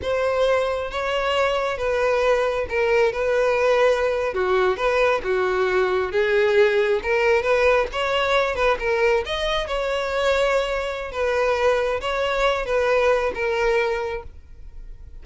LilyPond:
\new Staff \with { instrumentName = "violin" } { \time 4/4 \tempo 4 = 135 c''2 cis''2 | b'2 ais'4 b'4~ | b'4.~ b'16 fis'4 b'4 fis'16~ | fis'4.~ fis'16 gis'2 ais'16~ |
ais'8. b'4 cis''4. b'8 ais'16~ | ais'8. dis''4 cis''2~ cis''16~ | cis''4 b'2 cis''4~ | cis''8 b'4. ais'2 | }